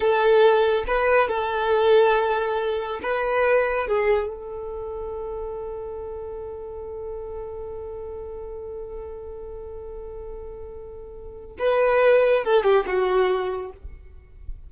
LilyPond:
\new Staff \with { instrumentName = "violin" } { \time 4/4 \tempo 4 = 140 a'2 b'4 a'4~ | a'2. b'4~ | b'4 gis'4 a'2~ | a'1~ |
a'1~ | a'1~ | a'2. b'4~ | b'4 a'8 g'8 fis'2 | }